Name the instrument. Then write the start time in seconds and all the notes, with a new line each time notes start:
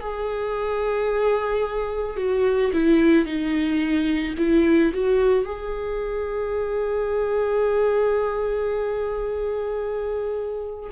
viola
0.00 G#4
2.16 F#4
2.73 E4
3.25 D#4
4.37 E4
4.93 F#4
5.44 G#4